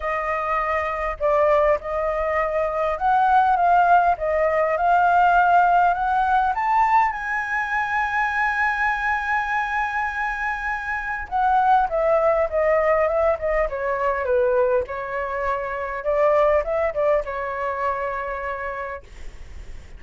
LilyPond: \new Staff \with { instrumentName = "flute" } { \time 4/4 \tempo 4 = 101 dis''2 d''4 dis''4~ | dis''4 fis''4 f''4 dis''4 | f''2 fis''4 a''4 | gis''1~ |
gis''2. fis''4 | e''4 dis''4 e''8 dis''8 cis''4 | b'4 cis''2 d''4 | e''8 d''8 cis''2. | }